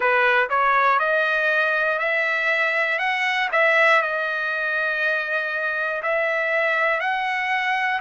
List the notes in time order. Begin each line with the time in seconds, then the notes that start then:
0.00 B4
0.49 C#5
0.99 D#5
1.99 E5
2.99 F#5
3.51 E5
4.02 D#5
6.02 E5
7.00 F#5